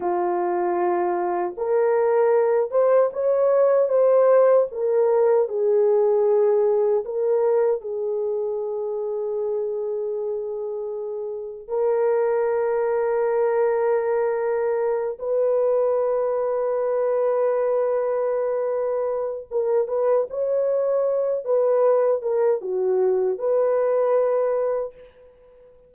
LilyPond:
\new Staff \with { instrumentName = "horn" } { \time 4/4 \tempo 4 = 77 f'2 ais'4. c''8 | cis''4 c''4 ais'4 gis'4~ | gis'4 ais'4 gis'2~ | gis'2. ais'4~ |
ais'2.~ ais'8 b'8~ | b'1~ | b'4 ais'8 b'8 cis''4. b'8~ | b'8 ais'8 fis'4 b'2 | }